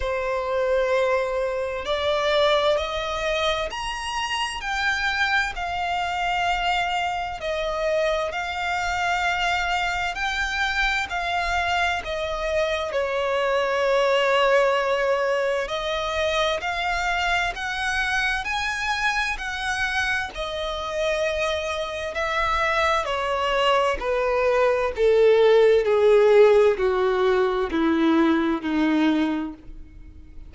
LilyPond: \new Staff \with { instrumentName = "violin" } { \time 4/4 \tempo 4 = 65 c''2 d''4 dis''4 | ais''4 g''4 f''2 | dis''4 f''2 g''4 | f''4 dis''4 cis''2~ |
cis''4 dis''4 f''4 fis''4 | gis''4 fis''4 dis''2 | e''4 cis''4 b'4 a'4 | gis'4 fis'4 e'4 dis'4 | }